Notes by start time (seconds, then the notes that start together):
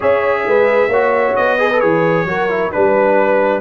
0.00 C#4 G#4 C#5 E5
0.46 G#3 B4
0.87 A#3 F#4 C#5
1.35 B3 D#5
1.58 G#4 B4
1.72 A4
1.79 E3 G#4 C#5
2.25 F#3 F#4 A#4
2.49 E4
2.71 G3 D4 B4